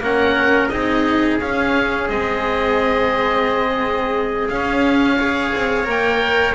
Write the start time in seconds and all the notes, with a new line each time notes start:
0.00 A#3 C#4 A#4 F#5
0.69 C4 D#4 G#4 D#5
1.40 C#4 F5
2.09 G#3 C4 D#5
4.49 C#4 F5
5.19 G#4 C#5
5.56 C4
5.84 A#3 A#4
5.90 G5